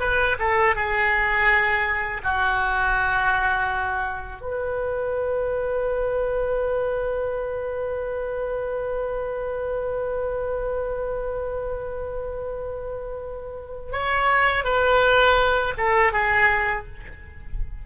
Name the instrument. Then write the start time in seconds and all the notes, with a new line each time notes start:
oboe
0.00 B4
0.39 A4
0.75 G#4
2.24 F#4
4.41 B4
13.92 C#5
14.64 B4
15.77 A4
16.13 G#4